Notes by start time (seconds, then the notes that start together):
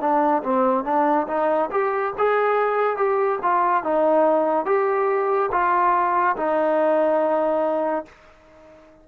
0.00 D4
0.43 C4
0.84 D4
1.28 D#4
1.71 G4
2.17 G#4
2.97 G4
3.42 F4
3.83 D#4
4.65 G4
5.51 F4
6.36 D#4